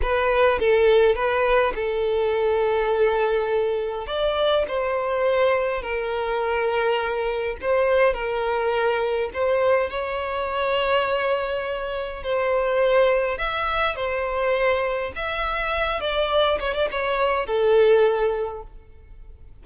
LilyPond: \new Staff \with { instrumentName = "violin" } { \time 4/4 \tempo 4 = 103 b'4 a'4 b'4 a'4~ | a'2. d''4 | c''2 ais'2~ | ais'4 c''4 ais'2 |
c''4 cis''2.~ | cis''4 c''2 e''4 | c''2 e''4. d''8~ | d''8 cis''16 d''16 cis''4 a'2 | }